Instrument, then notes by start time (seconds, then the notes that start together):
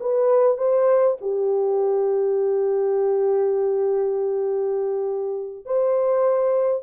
horn
0.00 B4
0.57 C5
1.21 G4
5.65 C5